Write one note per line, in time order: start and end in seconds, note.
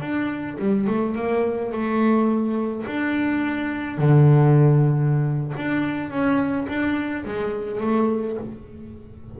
0.00 0.57 D4
0.58 0.87 G3
0.87 1.15 A3
1.15 1.72 A#3
1.72 2.85 A3
2.86 3.98 D4
3.98 5.53 D3
5.57 6.10 D4
6.10 6.67 C#4
6.68 7.25 D4
7.25 7.80 G#3
7.80 8.37 A3